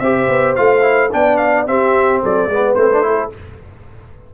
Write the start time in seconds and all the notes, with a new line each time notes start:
0.00 C4 G4 C5 E5
0.29 B3
0.56 A3 F4 F5
0.82 E4
1.12 B3 D4 D5 G5
1.37 F5
1.67 C4 G4 E5
2.23 F#3 A4 D5
2.47 G#3 B3 B4
2.75 A3 C4 C5
2.92 D4
3.02 E4 A4